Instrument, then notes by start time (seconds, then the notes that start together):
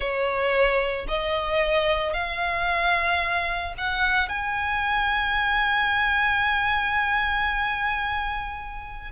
violin
0.00 C#5
1.08 D#5
2.13 F5
3.77 F#5
4.29 G#5